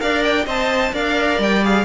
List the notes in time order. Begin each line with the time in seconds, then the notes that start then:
0.00 D4 A#4 D5 F5
0.23 G5
0.46 C4 C5 D#5 A5
0.93 D4 A#4 D5 F5
1.39 G3 G5
1.64 G#4 F5